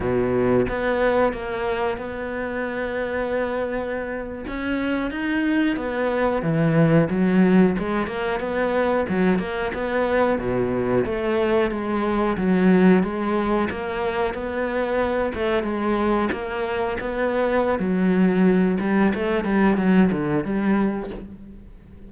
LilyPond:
\new Staff \with { instrumentName = "cello" } { \time 4/4 \tempo 4 = 91 b,4 b4 ais4 b4~ | b2~ b8. cis'4 dis'16~ | dis'8. b4 e4 fis4 gis16~ | gis16 ais8 b4 fis8 ais8 b4 b,16~ |
b,8. a4 gis4 fis4 gis16~ | gis8. ais4 b4. a8 gis16~ | gis8. ais4 b4~ b16 fis4~ | fis8 g8 a8 g8 fis8 d8 g4 | }